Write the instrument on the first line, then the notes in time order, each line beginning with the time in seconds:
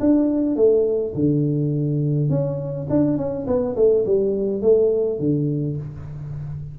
tuba
0.00 D4
0.56 A3
1.15 D3
2.30 C#4
2.90 D4
3.17 C#4
3.47 B3
3.76 A3
4.06 G3
4.62 A3
5.19 D3